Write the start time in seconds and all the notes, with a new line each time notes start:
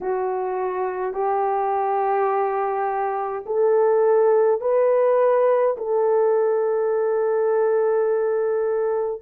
0.01 F#4
1.13 G4
3.46 A4
4.60 B4
5.77 A4